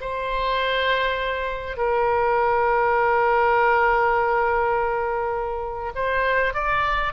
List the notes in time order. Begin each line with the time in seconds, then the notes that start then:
0.00 C5
1.77 A#4
5.95 C5
6.53 D5